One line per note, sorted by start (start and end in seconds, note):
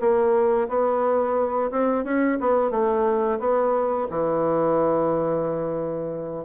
0.00 0.68 A#3
0.68 1.71 B3
1.71 2.04 C4
2.04 2.38 C#4
2.40 2.71 B3
2.71 3.39 A3
3.39 4.08 B3
4.10 6.45 E3